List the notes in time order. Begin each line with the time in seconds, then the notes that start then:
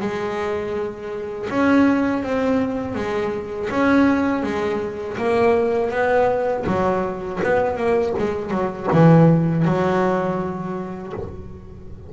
0.00 G#3
1.49 C#4
2.23 C4
2.95 G#3
3.70 C#4
4.43 G#3
5.17 A#3
5.91 B3
6.66 F#3
7.43 B3
7.76 A#3
8.18 G#3
8.50 F#3
8.92 E3
9.65 F#3